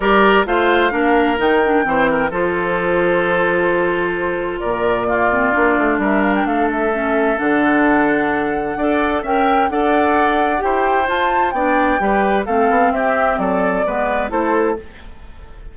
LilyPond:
<<
  \new Staff \with { instrumentName = "flute" } { \time 4/4 \tempo 4 = 130 d''4 f''2 g''4~ | g''4 c''2.~ | c''2 d''2~ | d''4 e''8 f''16 g''16 f''8 e''4. |
fis''1 | g''4 fis''2 g''4 | a''4 g''2 f''4 | e''4 d''2 c''4 | }
  \new Staff \with { instrumentName = "oboe" } { \time 4/4 ais'4 c''4 ais'2 | c''8 ais'8 a'2.~ | a'2 ais'4 f'4~ | f'4 ais'4 a'2~ |
a'2. d''4 | e''4 d''2 c''4~ | c''4 d''4 b'4 a'4 | g'4 a'4 b'4 a'4 | }
  \new Staff \with { instrumentName = "clarinet" } { \time 4/4 g'4 f'4 d'4 dis'8 d'8 | c'4 f'2.~ | f'2. ais8 c'8 | d'2. cis'4 |
d'2. a'4 | ais'4 a'2 g'4 | f'4 d'4 g'4 c'4~ | c'2 b4 e'4 | }
  \new Staff \with { instrumentName = "bassoon" } { \time 4/4 g4 a4 ais4 dis4 | e4 f2.~ | f2 ais,2 | ais8 a8 g4 a2 |
d2. d'4 | cis'4 d'2 e'4 | f'4 b4 g4 a8 b8 | c'4 fis4 gis4 a4 | }
>>